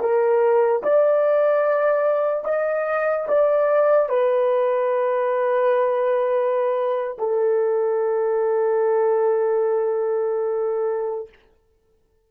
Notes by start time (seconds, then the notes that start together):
0.00 A#4
0.83 D5
2.45 D#5
3.28 D5
4.09 B4
7.18 A4